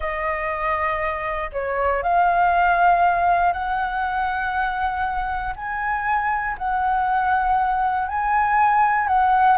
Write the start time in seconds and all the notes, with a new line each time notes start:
0.00 D#5
1.52 C#5
2.03 F5
3.52 F#5
5.56 G#5
6.58 F#5
8.08 G#5
9.07 F#5